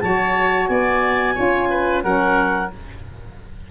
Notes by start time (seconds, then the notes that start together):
0.00 F#3 F#4 C#5 A5
0.66 B3 D5 G#5
1.35 C#4 F4 C#5
1.70 B4
2.02 F#3 C#4 A#4 F#5